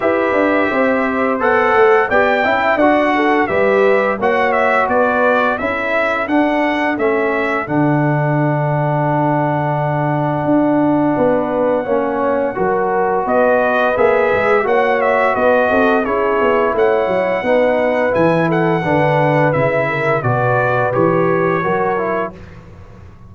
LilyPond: <<
  \new Staff \with { instrumentName = "trumpet" } { \time 4/4 \tempo 4 = 86 e''2 fis''4 g''4 | fis''4 e''4 fis''8 e''8 d''4 | e''4 fis''4 e''4 fis''4~ | fis''1~ |
fis''2. dis''4 | e''4 fis''8 e''8 dis''4 cis''4 | fis''2 gis''8 fis''4. | e''4 d''4 cis''2 | }
  \new Staff \with { instrumentName = "horn" } { \time 4/4 b'4 c''2 d''8 e''8 | d''8 a'8 b'4 cis''4 b'4 | a'1~ | a'1 |
b'4 cis''4 ais'4 b'4~ | b'4 cis''4 b'8 a'8 gis'4 | cis''4 b'4. a'8 b'4~ | b'8 ais'8 b'2 ais'4 | }
  \new Staff \with { instrumentName = "trombone" } { \time 4/4 g'2 a'4 g'8 e'8 | fis'4 g'4 fis'2 | e'4 d'4 cis'4 d'4~ | d'1~ |
d'4 cis'4 fis'2 | gis'4 fis'2 e'4~ | e'4 dis'4 e'4 d'4 | e'4 fis'4 g'4 fis'8 e'8 | }
  \new Staff \with { instrumentName = "tuba" } { \time 4/4 e'8 d'8 c'4 b8 a8 b8 cis'8 | d'4 g4 ais4 b4 | cis'4 d'4 a4 d4~ | d2. d'4 |
b4 ais4 fis4 b4 | ais8 gis8 ais4 b8 c'8 cis'8 b8 | a8 fis8 b4 e4 d4 | cis4 b,4 e4 fis4 | }
>>